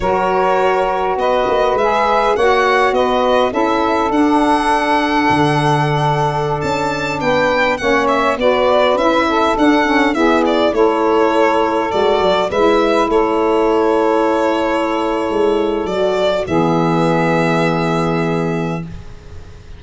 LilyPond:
<<
  \new Staff \with { instrumentName = "violin" } { \time 4/4 \tempo 4 = 102 cis''2 dis''4 e''4 | fis''4 dis''4 e''4 fis''4~ | fis''2.~ fis''16 a''8.~ | a''16 g''4 fis''8 e''8 d''4 e''8.~ |
e''16 fis''4 e''8 d''8 cis''4.~ cis''16~ | cis''16 d''4 e''4 cis''4.~ cis''16~ | cis''2. d''4 | e''1 | }
  \new Staff \with { instrumentName = "saxophone" } { \time 4/4 ais'2 b'2 | cis''4 b'4 a'2~ | a'1~ | a'16 b'4 cis''4 b'4. a'16~ |
a'4~ a'16 gis'4 a'4.~ a'16~ | a'4~ a'16 b'4 a'4.~ a'16~ | a'1 | gis'1 | }
  \new Staff \with { instrumentName = "saxophone" } { \time 4/4 fis'2. gis'4 | fis'2 e'4 d'4~ | d'1~ | d'4~ d'16 cis'4 fis'4 e'8.~ |
e'16 d'8 cis'8 b4 e'4.~ e'16~ | e'16 fis'4 e'2~ e'8.~ | e'2. fis'4 | b1 | }
  \new Staff \with { instrumentName = "tuba" } { \time 4/4 fis2 b8 ais8 gis4 | ais4 b4 cis'4 d'4~ | d'4 d2~ d16 cis'8.~ | cis'16 b4 ais4 b4 cis'8.~ |
cis'16 d'4 e'4 a4.~ a16~ | a16 gis8 fis8 gis4 a4.~ a16~ | a2 gis4 fis4 | e1 | }
>>